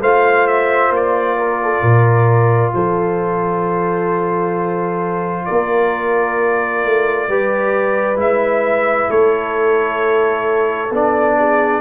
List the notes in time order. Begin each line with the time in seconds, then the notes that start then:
0.00 A3 F4 C5 F5
0.47 E5
0.90 A#3 D5
1.37 A#4
1.63 A4
1.81 A#2 A#4
2.73 F3 A4 C5
5.45 A#3 A#4 D5
6.84 A3
7.28 G3 G4 B4
8.16 G#3 E4 E5
9.09 A3 A4 C#5
10.90 B3 D4 D5
11.38 G#4